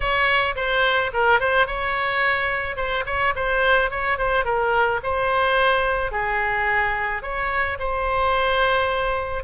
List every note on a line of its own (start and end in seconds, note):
0.00 0.55 C#5
0.55 1.11 C5
1.13 1.40 A#4
1.40 1.67 C5
1.67 2.76 C#5
2.76 3.04 C5
3.06 3.33 C#5
3.35 3.90 C5
3.90 4.17 C#5
4.17 4.44 C5
4.44 5.00 A#4
5.03 6.11 C5
6.11 7.22 G#4
7.22 7.78 C#5
7.79 9.43 C5